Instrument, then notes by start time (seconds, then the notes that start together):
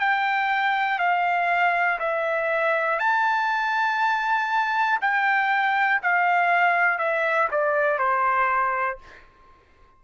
trumpet
0.00 G5
0.99 F5
1.99 E5
3.00 A5
5.01 G5
6.03 F5
6.98 E5
7.51 D5
7.99 C5